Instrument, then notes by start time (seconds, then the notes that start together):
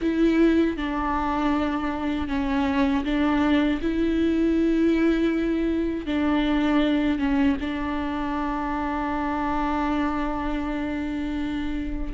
viola
0.01 E4
0.76 D4
2.28 C#4
3.04 D4
3.81 E4
6.06 D4
7.18 C#4
7.60 D4